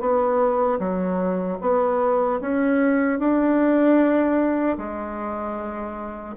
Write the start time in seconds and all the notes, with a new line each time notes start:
0.00 B3
0.79 F#3
1.61 B3
2.41 C#4
3.19 D4
4.78 G#3